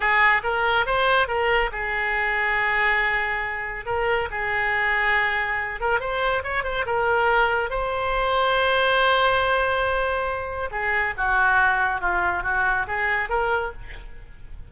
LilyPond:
\new Staff \with { instrumentName = "oboe" } { \time 4/4 \tempo 4 = 140 gis'4 ais'4 c''4 ais'4 | gis'1~ | gis'4 ais'4 gis'2~ | gis'4. ais'8 c''4 cis''8 c''8 |
ais'2 c''2~ | c''1~ | c''4 gis'4 fis'2 | f'4 fis'4 gis'4 ais'4 | }